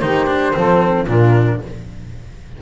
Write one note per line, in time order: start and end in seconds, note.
0.00 0.54 D#3
0.00 0.26 D#4
0.00 0.55 G4
0.00 1.05 C5
0.26 0.52 D4
0.52 1.07 F3
0.52 1.05 C4
0.52 1.05 A4
1.05 1.59 A#2
1.05 1.61 D4
1.05 1.58 F4
1.05 1.61 A#4